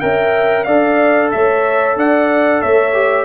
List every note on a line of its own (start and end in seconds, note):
0.00 0.67 C#4
0.00 0.66 A#4
0.00 0.65 E5
0.00 0.64 G5
0.64 1.32 D4
0.64 2.93 A4
0.64 1.31 D5
0.64 1.29 F5
1.31 1.96 A3
1.31 1.97 C#5
1.31 1.96 E5
1.96 2.61 D4
1.96 2.62 D5
1.96 2.61 F#5
2.61 3.25 A3
2.61 3.25 C#5
2.61 3.25 E5
2.93 3.25 G4